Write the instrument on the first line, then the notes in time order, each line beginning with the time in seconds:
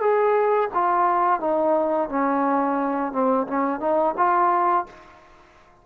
trombone
0.00 G#4
0.74 F4
1.40 D#4
2.09 C#4
3.12 C4
3.47 C#4
3.80 D#4
4.17 F4